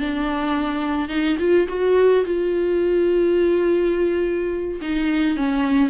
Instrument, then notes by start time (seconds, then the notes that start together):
viola
0.00 D4
1.09 D#4
1.39 F4
1.68 F#4
2.26 F4
4.82 D#4
5.37 C#4